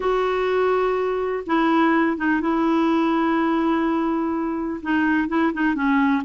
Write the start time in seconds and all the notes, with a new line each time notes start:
0.00 F#4
1.46 E4
2.17 D#4
2.40 E4
4.82 D#4
5.28 E4
5.53 D#4
5.74 C#4